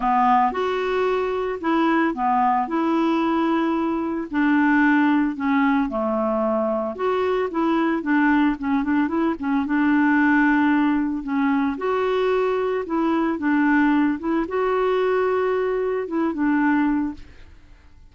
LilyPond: \new Staff \with { instrumentName = "clarinet" } { \time 4/4 \tempo 4 = 112 b4 fis'2 e'4 | b4 e'2. | d'2 cis'4 a4~ | a4 fis'4 e'4 d'4 |
cis'8 d'8 e'8 cis'8 d'2~ | d'4 cis'4 fis'2 | e'4 d'4. e'8 fis'4~ | fis'2 e'8 d'4. | }